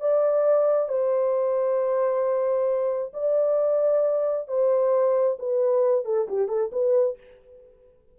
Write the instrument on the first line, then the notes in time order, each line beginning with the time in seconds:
horn
0.00 D5
0.88 C5
3.13 D5
4.48 C5
5.39 B4
6.05 A4
6.28 G4
6.48 A4
6.72 B4